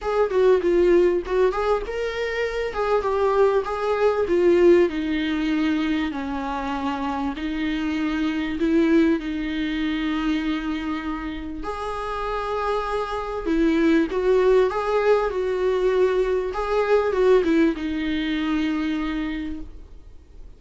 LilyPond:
\new Staff \with { instrumentName = "viola" } { \time 4/4 \tempo 4 = 98 gis'8 fis'8 f'4 fis'8 gis'8 ais'4~ | ais'8 gis'8 g'4 gis'4 f'4 | dis'2 cis'2 | dis'2 e'4 dis'4~ |
dis'2. gis'4~ | gis'2 e'4 fis'4 | gis'4 fis'2 gis'4 | fis'8 e'8 dis'2. | }